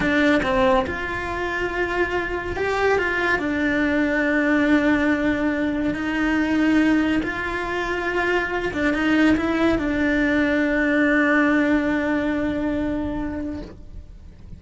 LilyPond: \new Staff \with { instrumentName = "cello" } { \time 4/4 \tempo 4 = 141 d'4 c'4 f'2~ | f'2 g'4 f'4 | d'1~ | d'2 dis'2~ |
dis'4 f'2.~ | f'8 d'8 dis'4 e'4 d'4~ | d'1~ | d'1 | }